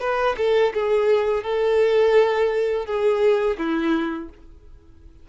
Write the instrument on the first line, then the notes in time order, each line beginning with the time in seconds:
violin
0.00 B4
0.37 A4
0.73 G#4
1.43 A4
2.85 G#4
3.57 E4